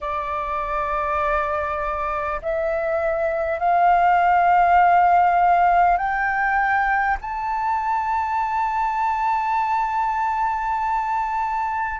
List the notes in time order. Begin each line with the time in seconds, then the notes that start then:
0.00 D5
2.42 E5
3.59 F5
5.97 G5
7.21 A5